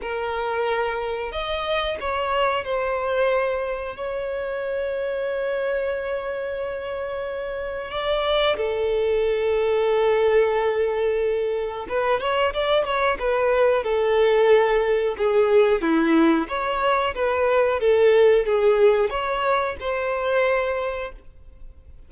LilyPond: \new Staff \with { instrumentName = "violin" } { \time 4/4 \tempo 4 = 91 ais'2 dis''4 cis''4 | c''2 cis''2~ | cis''1 | d''4 a'2.~ |
a'2 b'8 cis''8 d''8 cis''8 | b'4 a'2 gis'4 | e'4 cis''4 b'4 a'4 | gis'4 cis''4 c''2 | }